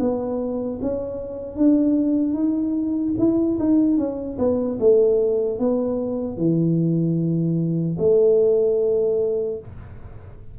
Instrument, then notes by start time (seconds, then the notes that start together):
tuba
0.00 B3
0.81 C#4
1.56 D4
2.34 D#4
3.19 E4
3.59 D#4
3.97 C#4
4.39 B3
4.80 A3
5.59 B3
6.37 E3
7.99 A3